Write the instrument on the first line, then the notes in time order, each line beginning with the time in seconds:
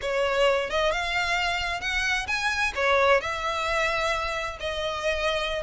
violin
0.01 C#5
0.70 D#5
0.91 F5
1.80 F#5
2.27 G#5
2.75 C#5
3.21 E5
4.59 D#5